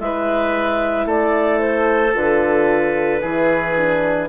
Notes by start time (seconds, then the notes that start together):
0.00 G#3 E4 B4 E5
1.05 A3 A4 D5
1.59 C5
2.13 D3 F4 B4
3.19 E3 E4 G#4
3.77 D4